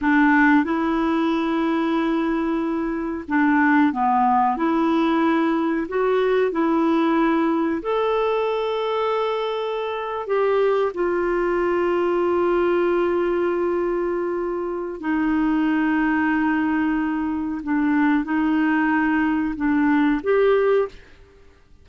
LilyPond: \new Staff \with { instrumentName = "clarinet" } { \time 4/4 \tempo 4 = 92 d'4 e'2.~ | e'4 d'4 b4 e'4~ | e'4 fis'4 e'2 | a'2.~ a'8. g'16~ |
g'8. f'2.~ f'16~ | f'2. dis'4~ | dis'2. d'4 | dis'2 d'4 g'4 | }